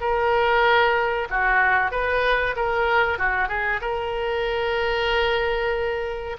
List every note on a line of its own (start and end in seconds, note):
0.00 1.28 A#4
1.29 1.91 F#4
1.91 2.55 B4
2.55 3.18 A#4
3.18 3.48 F#4
3.48 3.80 G#4
3.81 6.36 A#4